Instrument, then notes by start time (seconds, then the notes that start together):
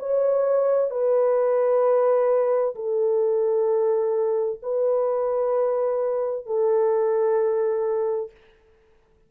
horn
0.00 C#5
0.91 B4
2.76 A4
4.63 B4
6.47 A4